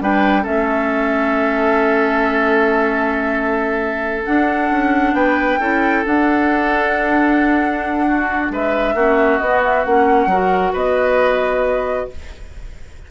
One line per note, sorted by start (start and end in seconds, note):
0.00 0.45 G3
0.00 0.42 D4
0.00 0.42 B4
0.00 0.45 G5
0.42 4.26 A3
0.42 4.23 C#4
0.42 5.12 A4
0.42 4.25 E5
4.25 5.60 D4
4.25 4.70 D4
4.25 5.14 F#5
4.70 5.13 C#4
5.13 5.58 B3
5.13 5.59 B4
5.13 6.04 G5
5.59 6.04 C#4
5.59 6.04 E4
5.59 8.06 A4
6.05 8.96 D4
6.05 8.50 D4
6.05 8.53 F#5
8.07 8.52 F#4
8.50 8.94 G#3
8.50 8.95 B4
8.50 9.38 E5
8.94 9.38 A#3
8.94 9.41 C#4
8.94 10.29 F#4
9.38 9.85 B3
9.38 9.60 D#5
9.64 9.84 E5
9.84 10.26 A#3
9.84 10.30 C#4
9.84 10.73 F#5
10.26 10.71 F#3
10.26 12.11 F#4
10.26 10.72 A#4
10.72 12.09 B3
10.72 12.07 B4
10.72 12.10 D#5